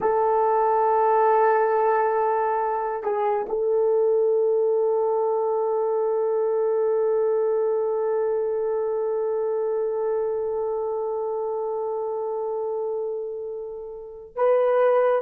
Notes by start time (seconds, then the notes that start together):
0.00 A4
3.03 G#4
3.49 A4
14.35 B4